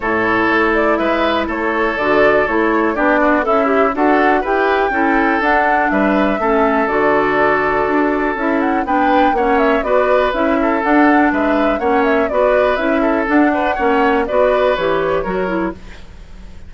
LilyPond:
<<
  \new Staff \with { instrumentName = "flute" } { \time 4/4 \tempo 4 = 122 cis''4. d''8 e''4 cis''4 | d''4 cis''4 d''4 e''4 | fis''4 g''2 fis''4 | e''2 d''2~ |
d''4 e''8 fis''8 g''4 fis''8 e''8 | d''4 e''4 fis''4 e''4 | fis''8 e''8 d''4 e''4 fis''4~ | fis''4 d''4 cis''2 | }
  \new Staff \with { instrumentName = "oboe" } { \time 4/4 a'2 b'4 a'4~ | a'2 g'8 fis'8 e'4 | a'4 b'4 a'2 | b'4 a'2.~ |
a'2 b'4 cis''4 | b'4. a'4. b'4 | cis''4 b'4. a'4 b'8 | cis''4 b'2 ais'4 | }
  \new Staff \with { instrumentName = "clarinet" } { \time 4/4 e'1 | fis'4 e'4 d'4 a'8 g'8 | fis'4 g'4 e'4 d'4~ | d'4 cis'4 fis'2~ |
fis'4 e'4 d'4 cis'4 | fis'4 e'4 d'2 | cis'4 fis'4 e'4 d'4 | cis'4 fis'4 g'4 fis'8 e'8 | }
  \new Staff \with { instrumentName = "bassoon" } { \time 4/4 a,4 a4 gis4 a4 | d4 a4 b4 cis'4 | d'4 e'4 cis'4 d'4 | g4 a4 d2 |
d'4 cis'4 b4 ais4 | b4 cis'4 d'4 gis4 | ais4 b4 cis'4 d'4 | ais4 b4 e4 fis4 | }
>>